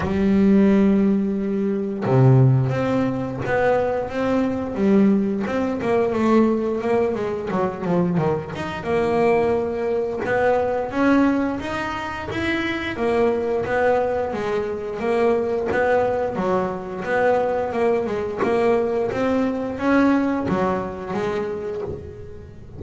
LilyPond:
\new Staff \with { instrumentName = "double bass" } { \time 4/4 \tempo 4 = 88 g2. c4 | c'4 b4 c'4 g4 | c'8 ais8 a4 ais8 gis8 fis8 f8 | dis8 dis'8 ais2 b4 |
cis'4 dis'4 e'4 ais4 | b4 gis4 ais4 b4 | fis4 b4 ais8 gis8 ais4 | c'4 cis'4 fis4 gis4 | }